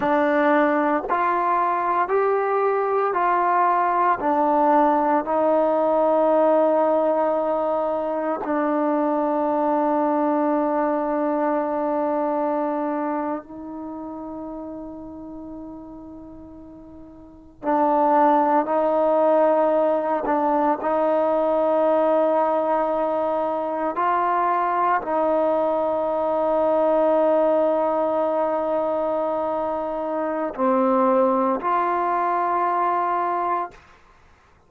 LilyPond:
\new Staff \with { instrumentName = "trombone" } { \time 4/4 \tempo 4 = 57 d'4 f'4 g'4 f'4 | d'4 dis'2. | d'1~ | d'8. dis'2.~ dis'16~ |
dis'8. d'4 dis'4. d'8 dis'16~ | dis'2~ dis'8. f'4 dis'16~ | dis'1~ | dis'4 c'4 f'2 | }